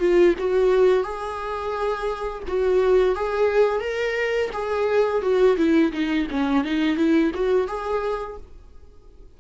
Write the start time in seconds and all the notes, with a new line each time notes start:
0.00 F4
0.39 F#4
1.04 G#4
2.48 F#4
3.16 G#4
3.81 A#4
4.53 G#4
5.22 F#4
5.57 E4
5.92 D#4
6.31 C#4
6.64 D#4
6.97 E4
7.34 F#4
7.67 G#4